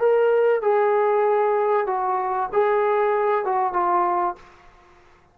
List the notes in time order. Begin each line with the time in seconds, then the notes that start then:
0.00 A#4
0.62 G#4
1.87 F#4
2.53 G#4
3.45 F#4
3.73 F4